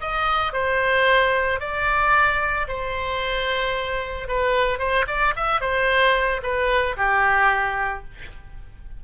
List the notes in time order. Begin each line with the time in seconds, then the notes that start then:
0.00 D#5
0.52 C5
1.60 D5
2.68 C5
4.28 B4
4.78 C5
5.07 D5
5.35 E5
5.61 C5
6.42 B4
6.97 G4